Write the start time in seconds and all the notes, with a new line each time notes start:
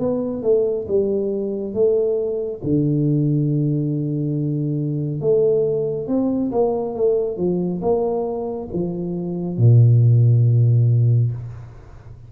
0.00 B3
0.43 A3
0.88 G3
1.74 A3
2.64 D3
5.21 A3
6.08 C4
6.52 A#3
6.95 A3
7.38 F3
7.82 A#3
8.74 F3
9.58 A#2